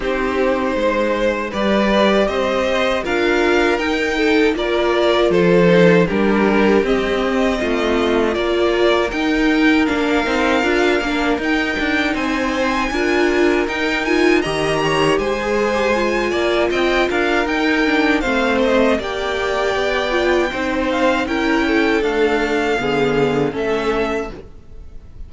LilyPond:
<<
  \new Staff \with { instrumentName = "violin" } { \time 4/4 \tempo 4 = 79 c''2 d''4 dis''4 | f''4 g''4 d''4 c''4 | ais'4 dis''2 d''4 | g''4 f''2 g''4 |
gis''2 g''8 gis''8 ais''4 | gis''2 g''8 f''8 g''4 | f''8 dis''8 g''2~ g''8 f''8 | g''4 f''2 e''4 | }
  \new Staff \with { instrumentName = "violin" } { \time 4/4 g'4 c''4 b'4 c''4 | ais'4. a'8 ais'4 a'4 | g'2 f'4 ais'4~ | ais'1 |
c''4 ais'2 dis''8 cis''8 | c''4. d''8 dis''8 ais'4. | c''4 d''2 c''4 | ais'8 a'4. gis'4 a'4 | }
  \new Staff \with { instrumentName = "viola" } { \time 4/4 dis'2 g'2 | f'4 dis'4 f'4. dis'8 | d'4 c'2 f'4 | dis'4 d'8 dis'8 f'8 d'8 dis'4~ |
dis'4 f'4 dis'8 f'8 g'4~ | g'16 gis'8 g'16 f'2 dis'8 d'8 | c'4 g'4. f'8 dis'4 | e'4 a4 b4 cis'4 | }
  \new Staff \with { instrumentName = "cello" } { \time 4/4 c'4 gis4 g4 c'4 | d'4 dis'4 ais4 f4 | g4 c'4 a4 ais4 | dis'4 ais8 c'8 d'8 ais8 dis'8 d'8 |
c'4 d'4 dis'4 dis4 | gis4. ais8 c'8 d'8 dis'4 | a4 ais4 b4 c'4 | cis'4 d'4 d4 a4 | }
>>